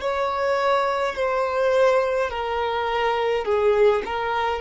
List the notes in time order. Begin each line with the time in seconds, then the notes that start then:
0.00 C#5
1.15 C5
2.30 A#4
3.45 G#4
4.05 A#4